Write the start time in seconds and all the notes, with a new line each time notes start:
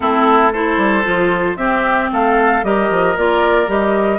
0.00 A3 C4 E4 A4
0.52 E4 A4 C5
0.77 G3
1.03 F3 F4
1.56 C4 G4 E5
2.12 A3 A4 F5
2.63 G3 G4 A#4 D#5
2.90 F3
3.17 A#3 F4 D5
3.67 G3 G4 D#5